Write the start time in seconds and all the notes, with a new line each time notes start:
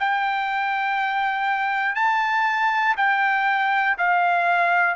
0.00 G5
1.95 A5
2.97 G5
3.99 F5